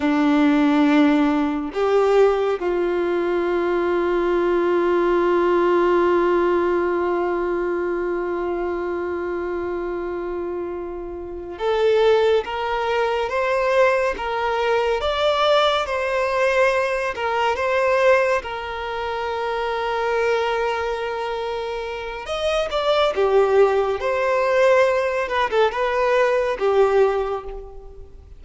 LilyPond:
\new Staff \with { instrumentName = "violin" } { \time 4/4 \tempo 4 = 70 d'2 g'4 f'4~ | f'1~ | f'1~ | f'4. a'4 ais'4 c''8~ |
c''8 ais'4 d''4 c''4. | ais'8 c''4 ais'2~ ais'8~ | ais'2 dis''8 d''8 g'4 | c''4. b'16 a'16 b'4 g'4 | }